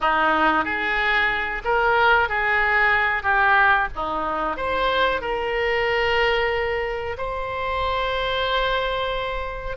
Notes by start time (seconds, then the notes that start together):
0.01 D#4
0.64 G#4
1.64 A#4
2.28 G#4
3.23 G4
3.95 D#4
4.56 C5
5.21 A#4
7.17 C5